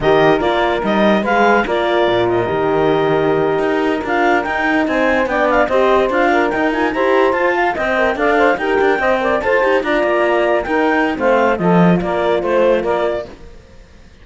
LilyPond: <<
  \new Staff \with { instrumentName = "clarinet" } { \time 4/4 \tempo 4 = 145 dis''4 d''4 dis''4 f''4 | d''4. dis''2~ dis''8~ | dis''4.~ dis''16 f''4 g''4 gis''16~ | gis''8. g''8 f''8 dis''4 f''4 g''16~ |
g''16 gis''8 ais''4 a''4 g''4 f''16~ | f''8. g''2 a''4 ais''16~ | ais''4.~ ais''16 g''4~ g''16 f''4 | dis''4 d''4 c''4 d''4 | }
  \new Staff \with { instrumentName = "saxophone" } { \time 4/4 ais'2. b'4 | ais'1~ | ais'2.~ ais'8. c''16~ | c''8. d''4 c''4. ais'8.~ |
ais'8. c''4. f''8 dis''4 d''16~ | d''16 c''8 ais'4 dis''8 d''8 c''4 d''16~ | d''4.~ d''16 ais'4~ ais'16 c''4 | a'4 ais'4 c''4 ais'4 | }
  \new Staff \with { instrumentName = "horn" } { \time 4/4 g'4 f'4 dis'4 gis'4 | f'2 g'2~ | g'4.~ g'16 f'4 dis'4~ dis'16~ | dis'8. d'4 g'4 f'4 dis'16~ |
dis'16 f'8 g'4 f'4 c''8 ais'8 a'16~ | a'8. g'4 c''8 ais'8 a'8 g'8 f'16~ | f'4.~ f'16 dis'4~ dis'16 c'4 | f'1 | }
  \new Staff \with { instrumentName = "cello" } { \time 4/4 dis4 ais4 g4 gis4 | ais4 ais,4 dis2~ | dis8. dis'4 d'4 dis'4 c'16~ | c'8. b4 c'4 d'4 dis'16~ |
dis'8. e'4 f'4 c'4 d'16~ | d'8. dis'8 d'8 c'4 f'8 dis'8 d'16~ | d'16 ais4. dis'4~ dis'16 a4 | f4 ais4 a4 ais4 | }
>>